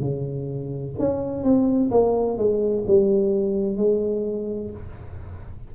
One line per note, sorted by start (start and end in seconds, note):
0.00 0.94 C#3
0.98 1.43 C#4
1.43 1.90 C4
1.91 2.37 A#3
2.37 2.84 G#3
2.87 3.77 G3
3.77 4.70 G#3